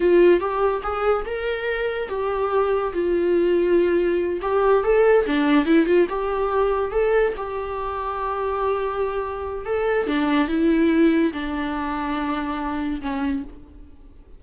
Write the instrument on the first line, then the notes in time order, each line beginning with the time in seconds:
viola
0.00 F4
0.40 G4
0.82 G#4
1.25 A#4
2.08 G4
2.93 F4
4.41 G4
4.83 A4
5.26 D4
5.65 E4
5.86 F4
6.09 G4
6.91 A4
7.36 G4
9.65 A4
10.06 D4
10.48 E4
11.32 D4
13.01 C#4